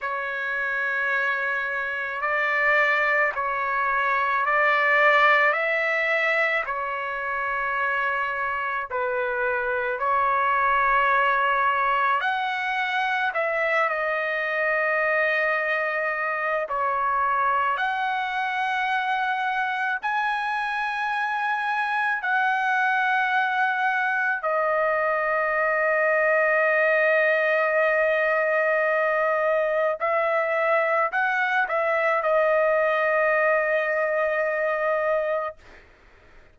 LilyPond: \new Staff \with { instrumentName = "trumpet" } { \time 4/4 \tempo 4 = 54 cis''2 d''4 cis''4 | d''4 e''4 cis''2 | b'4 cis''2 fis''4 | e''8 dis''2~ dis''8 cis''4 |
fis''2 gis''2 | fis''2 dis''2~ | dis''2. e''4 | fis''8 e''8 dis''2. | }